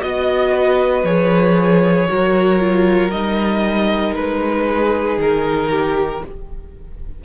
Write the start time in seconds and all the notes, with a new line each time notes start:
0.00 B3 F#4 D#5
0.52 B4
1.04 F3 G#4 C#5
2.08 F#3 F#4 A#4
2.59 F4
3.11 G3 D#4 D#5
4.15 G#3 B4
4.67 G#4
5.18 D#3 A#4
5.70 G4